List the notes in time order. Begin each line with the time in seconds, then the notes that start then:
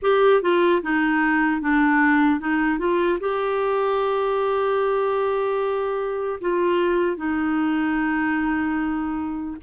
0.02 G4
0.42 F4
0.82 D#4
1.61 D4
2.40 D#4
2.79 F4
3.20 G4
6.40 F4
7.16 D#4